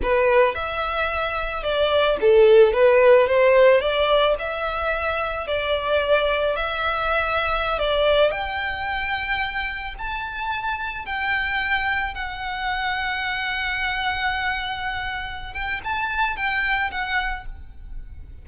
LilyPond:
\new Staff \with { instrumentName = "violin" } { \time 4/4 \tempo 4 = 110 b'4 e''2 d''4 | a'4 b'4 c''4 d''4 | e''2 d''2 | e''2~ e''16 d''4 g''8.~ |
g''2~ g''16 a''4.~ a''16~ | a''16 g''2 fis''4.~ fis''16~ | fis''1~ | fis''8 g''8 a''4 g''4 fis''4 | }